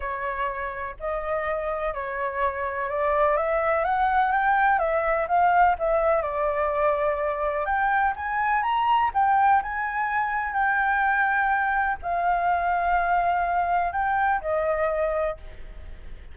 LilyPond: \new Staff \with { instrumentName = "flute" } { \time 4/4 \tempo 4 = 125 cis''2 dis''2 | cis''2 d''4 e''4 | fis''4 g''4 e''4 f''4 | e''4 d''2. |
g''4 gis''4 ais''4 g''4 | gis''2 g''2~ | g''4 f''2.~ | f''4 g''4 dis''2 | }